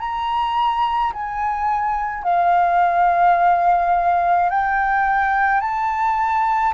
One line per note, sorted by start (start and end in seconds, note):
0.00 1.13 A#5
1.13 2.24 G#5
2.24 4.50 F5
4.50 5.61 G5
5.61 6.74 A5